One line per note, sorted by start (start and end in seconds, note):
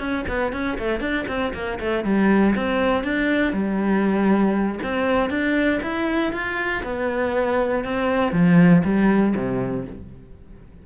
0.00 0.25 C#4
0.28 0.52 B3
0.52 0.78 C#4
0.78 1.00 A3
1.00 1.25 D4
1.28 1.53 C4
1.54 1.79 A#3
1.80 2.04 A3
2.04 2.54 G3
2.55 3.04 C4
3.04 3.53 D4
3.53 4.79 G3
4.83 5.30 C4
5.30 5.80 D4
5.83 6.33 E4
6.33 6.83 F4
6.84 7.84 B3
7.84 8.32 C4
8.32 8.82 F3
8.84 9.35 G3
9.36 9.86 C3